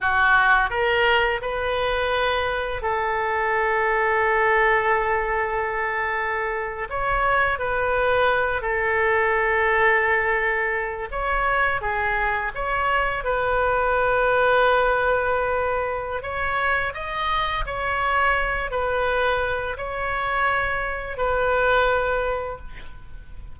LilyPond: \new Staff \with { instrumentName = "oboe" } { \time 4/4 \tempo 4 = 85 fis'4 ais'4 b'2 | a'1~ | a'4.~ a'16 cis''4 b'4~ b'16~ | b'16 a'2.~ a'8 cis''16~ |
cis''8. gis'4 cis''4 b'4~ b'16~ | b'2. cis''4 | dis''4 cis''4. b'4. | cis''2 b'2 | }